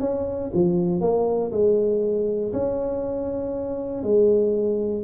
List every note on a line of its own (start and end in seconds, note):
0.00 0.50 C#4
0.53 1.00 F3
1.00 1.51 A#3
1.51 2.52 G#3
2.53 4.03 C#4
4.03 5.04 G#3